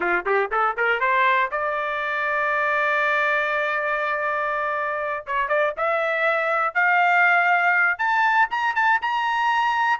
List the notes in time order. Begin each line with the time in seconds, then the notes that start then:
0.00 F4
0.25 G4
0.51 A4
0.76 A#4
1.00 C5
1.51 D5
5.26 C#5
5.48 D5
5.77 E5
6.74 F5
7.98 A5
8.50 A#5
8.75 A5
9.01 A#5